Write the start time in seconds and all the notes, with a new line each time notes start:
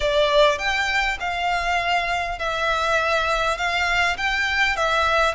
0.00 D5
0.58 G5
1.19 F5
2.38 E5
3.57 F5
4.17 G5
4.76 E5